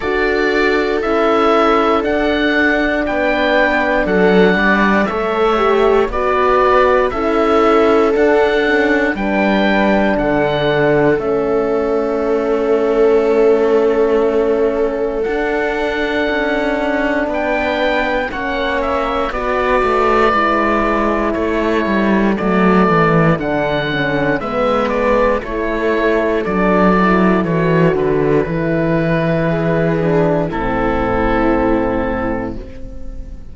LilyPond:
<<
  \new Staff \with { instrumentName = "oboe" } { \time 4/4 \tempo 4 = 59 d''4 e''4 fis''4 g''4 | fis''4 e''4 d''4 e''4 | fis''4 g''4 fis''4 e''4~ | e''2. fis''4~ |
fis''4 g''4 fis''8 e''8 d''4~ | d''4 cis''4 d''4 fis''4 | e''8 d''8 cis''4 d''4 cis''8 b'8~ | b'2 a'2 | }
  \new Staff \with { instrumentName = "viola" } { \time 4/4 a'2. b'4 | a'8 d''8 cis''4 b'4 a'4~ | a'4 b'4 a'2~ | a'1~ |
a'4 b'4 cis''4 b'4~ | b'4 a'2. | b'4 a'2.~ | a'4 gis'4 e'2 | }
  \new Staff \with { instrumentName = "horn" } { \time 4/4 fis'4 e'4 d'2~ | d'4 a'8 g'8 fis'4 e'4 | d'8 cis'8 d'2 cis'4~ | cis'2. d'4~ |
d'2 cis'4 fis'4 | e'2 a4 d'8 cis'8 | b4 e'4 d'8 e'8 fis'4 | e'4. d'8 c'2 | }
  \new Staff \with { instrumentName = "cello" } { \time 4/4 d'4 cis'4 d'4 b4 | fis8 g8 a4 b4 cis'4 | d'4 g4 d4 a4~ | a2. d'4 |
cis'4 b4 ais4 b8 a8 | gis4 a8 g8 fis8 e8 d4 | gis4 a4 fis4 e8 d8 | e2 a,2 | }
>>